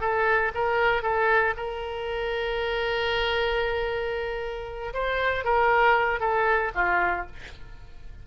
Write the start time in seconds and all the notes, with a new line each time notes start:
0.00 A4
0.54 A#4
1.02 A4
1.57 A#4
4.93 C5
5.44 A#4
6.20 A4
6.75 F4